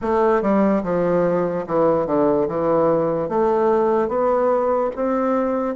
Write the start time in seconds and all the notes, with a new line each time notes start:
0.01 A3
0.41 G3
0.83 F3
1.67 E3
2.06 D3
2.48 E3
3.29 A3
4.08 B3
4.95 C4